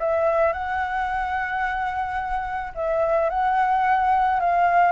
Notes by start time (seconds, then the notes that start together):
0.00 E5
0.53 F#5
2.75 E5
3.30 F#5
4.40 F5